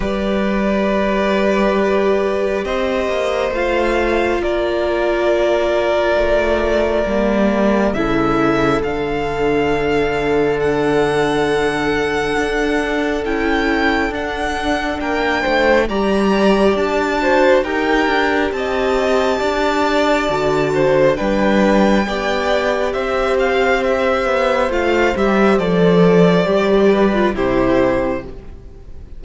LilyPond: <<
  \new Staff \with { instrumentName = "violin" } { \time 4/4 \tempo 4 = 68 d''2. dis''4 | f''4 d''2.~ | d''4 e''4 f''2 | fis''2. g''4 |
fis''4 g''4 ais''4 a''4 | g''4 a''2. | g''2 e''8 f''8 e''4 | f''8 e''8 d''2 c''4 | }
  \new Staff \with { instrumentName = "violin" } { \time 4/4 b'2. c''4~ | c''4 ais'2.~ | ais'4 a'2.~ | a'1~ |
a'4 ais'8 c''8 d''4. c''8 | ais'4 dis''4 d''4. c''8 | b'4 d''4 c''2~ | c''2~ c''8 b'8 g'4 | }
  \new Staff \with { instrumentName = "viola" } { \time 4/4 g'1 | f'1 | ais4 e'4 d'2~ | d'2. e'4 |
d'2 g'4. fis'8 | g'2. fis'4 | d'4 g'2. | f'8 g'8 a'4 g'8. f'16 e'4 | }
  \new Staff \with { instrumentName = "cello" } { \time 4/4 g2. c'8 ais8 | a4 ais2 a4 | g4 cis4 d2~ | d2 d'4 cis'4 |
d'4 ais8 a8 g4 d'4 | dis'8 d'8 c'4 d'4 d4 | g4 b4 c'4. b8 | a8 g8 f4 g4 c4 | }
>>